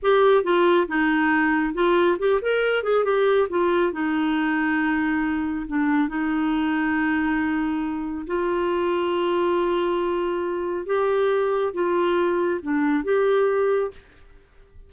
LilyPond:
\new Staff \with { instrumentName = "clarinet" } { \time 4/4 \tempo 4 = 138 g'4 f'4 dis'2 | f'4 g'8 ais'4 gis'8 g'4 | f'4 dis'2.~ | dis'4 d'4 dis'2~ |
dis'2. f'4~ | f'1~ | f'4 g'2 f'4~ | f'4 d'4 g'2 | }